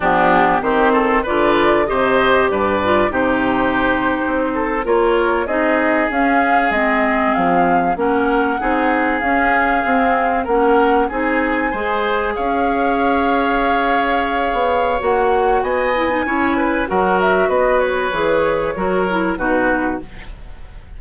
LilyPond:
<<
  \new Staff \with { instrumentName = "flute" } { \time 4/4 \tempo 4 = 96 g'4 c''4 d''4 dis''4 | d''4 c''2~ c''8. cis''16~ | cis''8. dis''4 f''4 dis''4 f''16~ | f''8. fis''2 f''4~ f''16~ |
f''8. fis''4 gis''2 f''16~ | f''1 | fis''4 gis''2 fis''8 e''8 | dis''8 cis''2~ cis''8 b'4 | }
  \new Staff \with { instrumentName = "oboe" } { \time 4/4 d'4 g'8 a'8 b'4 c''4 | b'4 g'2~ g'16 a'8 ais'16~ | ais'8. gis'2.~ gis'16~ | gis'8. ais'4 gis'2~ gis'16~ |
gis'8. ais'4 gis'4 c''4 cis''16~ | cis''1~ | cis''4 dis''4 cis''8 b'8 ais'4 | b'2 ais'4 fis'4 | }
  \new Staff \with { instrumentName = "clarinet" } { \time 4/4 b4 c'4 f'4 g'4~ | g'8 f'8 dis'2~ dis'8. f'16~ | f'8. dis'4 cis'4 c'4~ c'16~ | c'8. cis'4 dis'4 cis'4 c'16~ |
c'8. cis'4 dis'4 gis'4~ gis'16~ | gis'1 | fis'4. e'16 dis'16 e'4 fis'4~ | fis'4 gis'4 fis'8 e'8 dis'4 | }
  \new Staff \with { instrumentName = "bassoon" } { \time 4/4 f4 dis4 d4 c4 | g,4 c4.~ c16 c'4 ais16~ | ais8. c'4 cis'4 gis4 f16~ | f8. ais4 c'4 cis'4 c'16~ |
c'8. ais4 c'4 gis4 cis'16~ | cis'2.~ cis'16 b8. | ais4 b4 cis'4 fis4 | b4 e4 fis4 b,4 | }
>>